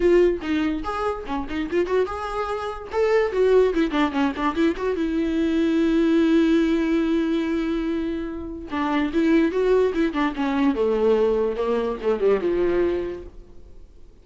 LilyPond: \new Staff \with { instrumentName = "viola" } { \time 4/4 \tempo 4 = 145 f'4 dis'4 gis'4 cis'8 dis'8 | f'8 fis'8 gis'2 a'4 | fis'4 e'8 d'8 cis'8 d'8 e'8 fis'8 | e'1~ |
e'1~ | e'4 d'4 e'4 fis'4 | e'8 d'8 cis'4 a2 | ais4 a8 g8 f2 | }